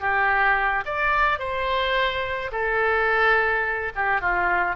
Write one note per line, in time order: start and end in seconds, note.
0.00 0.84 G4
0.85 1.39 D5
1.39 2.51 C5
2.52 3.92 A4
3.95 4.21 G4
4.21 4.76 F4